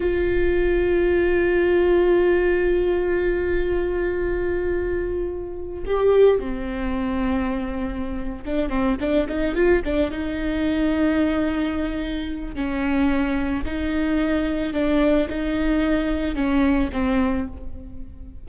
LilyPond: \new Staff \with { instrumentName = "viola" } { \time 4/4 \tempo 4 = 110 f'1~ | f'1~ | f'2~ f'8. g'4 c'16~ | c'2.~ c'8 d'8 |
c'8 d'8 dis'8 f'8 d'8 dis'4.~ | dis'2. cis'4~ | cis'4 dis'2 d'4 | dis'2 cis'4 c'4 | }